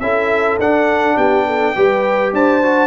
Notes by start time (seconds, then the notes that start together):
0.00 C#4 E4 A4 E5
0.59 D4 F#5
1.17 B3 G4 G5
1.46 A4
1.75 G3 G4 B4
2.33 D4 C5 A5
2.62 F#4